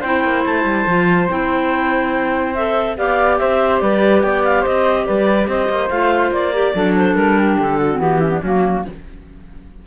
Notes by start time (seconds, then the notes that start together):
0.00 C4 E4 C5 G5
0.24 A#3
0.45 A3 A5
0.64 G3
0.87 F3 F4
1.29 C4 E4 G5
2.55 A4 E5
2.97 B3 G4 D5 F5
3.38 C4 C5 E5
3.80 G3 B4 D5
4.22 B3 D5 G5
4.44 F5
4.61 C4 C5 D#5
5.06 G3 B4 D5
5.48 C4 C5 D#5
5.69 A#3
5.89 A3 F4 F5
6.31 A#3 D5
6.53 G4 A#4
6.75 F#3 D4 A4
6.96 C5
7.15 G3 A#4
7.38 G4
7.58 D3 A4
7.78 F#4
7.92 C4
7.99 E3 B3 G4
8.20 C#4 E4
8.29 B3 D4
8.43 F#3 A#3 C#4 F#4